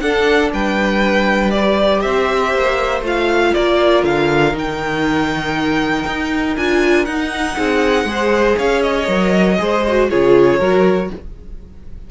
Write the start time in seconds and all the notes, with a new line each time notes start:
0.00 D4 A4 F#5
0.53 G3 B4 G5
1.51 G4 D5
2.01 C4 C5 E5
2.55 A#3
3.01 A3 F4 F5
3.54 A#3 A#4 D5
4.03 D3 F5
4.54 D#3 D#4 G5
6.07 D#4
6.57 D4 F4 G#5
7.05 D#4 F#5
7.57 C4 G#4
8.05 G#3 G#4
8.11 C5
8.58 C#4 C#5 F5
8.82 D#5
9.07 F#3 A#4
9.58 G#3 G#4 C5
9.88 F#4
10.10 C#3 F4 G#4 C#5
10.59 F#3 F#4 A#4